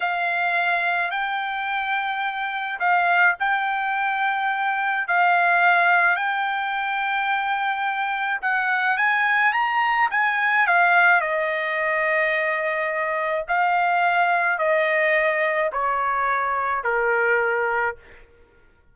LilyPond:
\new Staff \with { instrumentName = "trumpet" } { \time 4/4 \tempo 4 = 107 f''2 g''2~ | g''4 f''4 g''2~ | g''4 f''2 g''4~ | g''2. fis''4 |
gis''4 ais''4 gis''4 f''4 | dis''1 | f''2 dis''2 | cis''2 ais'2 | }